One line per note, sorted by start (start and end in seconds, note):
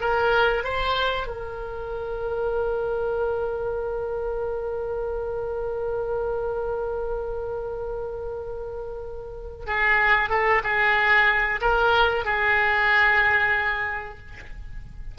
0.00 0.64 A#4
0.64 1.27 C5
1.27 9.66 A#4
9.66 10.30 G#4
10.30 10.62 A4
10.63 11.60 G#4
11.61 12.25 A#4
12.25 14.18 G#4